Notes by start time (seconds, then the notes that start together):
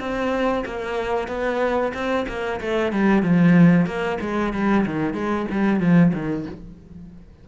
0.00 C4
0.66 A#3
1.28 B3
1.94 C4
2.28 A#3
2.61 A3
2.93 G3
3.23 F3
3.87 A#3
4.21 G#3
4.54 G3
4.87 D#3
5.14 G#3
5.51 G3
5.81 F3
6.14 D#3